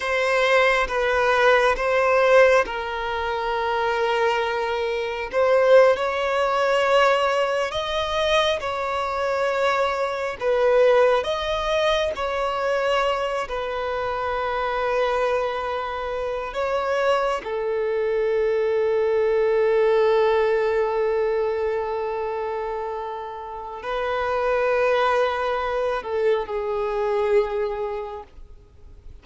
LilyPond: \new Staff \with { instrumentName = "violin" } { \time 4/4 \tempo 4 = 68 c''4 b'4 c''4 ais'4~ | ais'2 c''8. cis''4~ cis''16~ | cis''8. dis''4 cis''2 b'16~ | b'8. dis''4 cis''4. b'8.~ |
b'2~ b'8. cis''4 a'16~ | a'1~ | a'2. b'4~ | b'4. a'8 gis'2 | }